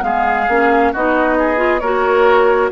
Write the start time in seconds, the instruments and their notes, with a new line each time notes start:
0.00 bassoon G#3, clarinet B3, oboe G#4, flute F5
0.48 bassoon A#3, clarinet C#4
0.93 bassoon B3, clarinet D#4, oboe F#4, flute D#5
1.38 oboe G#4
1.56 clarinet F4
1.79 bassoon A#3, clarinet F#4, oboe A#4, flute C#5